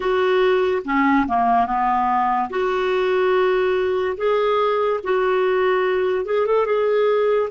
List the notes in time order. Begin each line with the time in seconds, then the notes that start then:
0.00 F#4
0.84 C#4
1.27 A#3
1.66 B3
2.50 F#4
4.17 G#4
5.03 F#4
6.25 G#4
6.46 A4
6.66 G#4